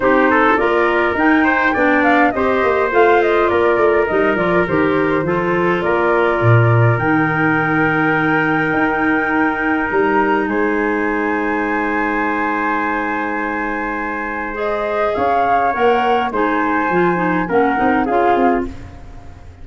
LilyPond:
<<
  \new Staff \with { instrumentName = "flute" } { \time 4/4 \tempo 4 = 103 c''4 d''4 g''4. f''8 | dis''4 f''8 dis''8 d''4 dis''8 d''8 | c''2 d''2 | g''1~ |
g''4 ais''4 gis''2~ | gis''1~ | gis''4 dis''4 f''4 fis''4 | gis''2 fis''4 f''4 | }
  \new Staff \with { instrumentName = "trumpet" } { \time 4/4 g'8 a'8 ais'4. c''8 d''4 | c''2 ais'2~ | ais'4 a'4 ais'2~ | ais'1~ |
ais'2 c''2~ | c''1~ | c''2 cis''2 | c''2 ais'4 gis'4 | }
  \new Staff \with { instrumentName = "clarinet" } { \time 4/4 dis'4 f'4 dis'4 d'4 | g'4 f'2 dis'8 f'8 | g'4 f'2. | dis'1~ |
dis'1~ | dis'1~ | dis'4 gis'2 ais'4 | dis'4 f'8 dis'8 cis'8 dis'8 f'4 | }
  \new Staff \with { instrumentName = "tuba" } { \time 4/4 c'4 ais4 dis'4 b4 | c'8 ais8 a4 ais8 a8 g8 f8 | dis4 f4 ais4 ais,4 | dis2. dis'4~ |
dis'4 g4 gis2~ | gis1~ | gis2 cis'4 ais4 | gis4 f4 ais8 c'8 cis'8 c'8 | }
>>